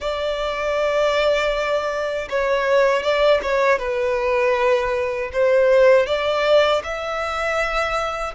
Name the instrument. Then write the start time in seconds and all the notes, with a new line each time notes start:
violin
0.00 D5
2.29 C#5
3.02 D5
3.42 C#5
3.78 B4
5.32 C5
6.06 D5
6.84 E5